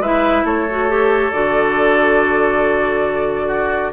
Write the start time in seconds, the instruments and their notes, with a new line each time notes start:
0.00 bassoon G#3, clarinet E4, oboe B4, flute E5
0.45 bassoon A3, oboe A4, flute C#5
0.70 clarinet F#4
0.89 clarinet G4
1.32 bassoon D3, clarinet F#4, flute D5
3.48 oboe F#4